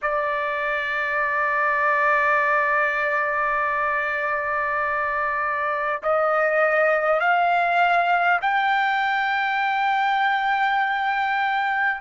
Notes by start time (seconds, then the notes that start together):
0.02 D5
6.02 D#5
7.19 F5
8.41 G5